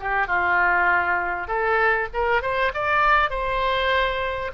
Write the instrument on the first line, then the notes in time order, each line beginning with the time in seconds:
oboe
0.00 G4
0.27 F4
1.47 A4
2.13 A#4
2.42 C5
2.74 D5
3.30 C5